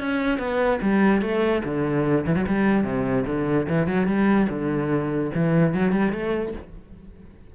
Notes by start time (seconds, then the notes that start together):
0.00 C#4
0.39 B3
0.82 G3
1.22 A3
1.65 D3
2.26 E3
2.36 F#3
2.47 G3
2.84 C3
3.27 D3
3.69 E3
3.87 F#3
4.07 G3
4.50 D3
5.35 E3
5.74 F#3
5.92 G3
6.13 A3